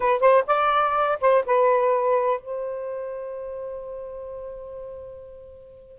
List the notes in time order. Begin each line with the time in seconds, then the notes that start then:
0.00 B4
0.19 C5
0.47 D5
1.20 C5
1.46 B4
2.40 C5